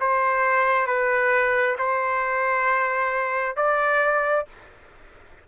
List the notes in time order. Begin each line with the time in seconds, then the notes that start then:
0.00 C5
0.87 B4
1.78 C5
3.56 D5